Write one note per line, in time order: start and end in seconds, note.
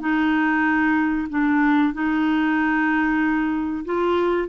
0.00 1.28 D#4
1.30 1.94 D4
1.94 3.85 D#4
3.85 4.49 F4